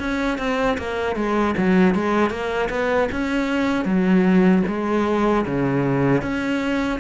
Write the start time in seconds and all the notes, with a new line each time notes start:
0.00 C#4
0.39 C4
0.78 A#3
1.16 G#3
1.58 F#3
1.95 G#3
2.31 A#3
2.70 B3
3.12 C#4
3.86 F#3
4.68 G#3
5.46 C#3
6.22 C#4